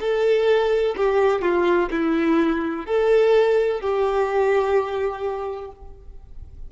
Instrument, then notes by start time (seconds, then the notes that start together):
violin
0.00 A4
0.97 G4
1.42 F4
1.90 E4
2.86 A4
3.81 G4